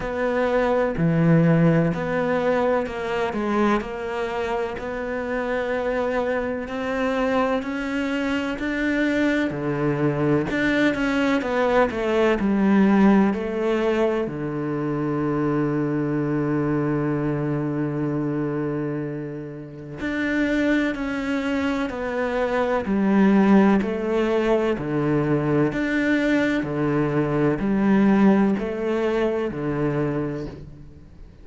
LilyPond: \new Staff \with { instrumentName = "cello" } { \time 4/4 \tempo 4 = 63 b4 e4 b4 ais8 gis8 | ais4 b2 c'4 | cis'4 d'4 d4 d'8 cis'8 | b8 a8 g4 a4 d4~ |
d1~ | d4 d'4 cis'4 b4 | g4 a4 d4 d'4 | d4 g4 a4 d4 | }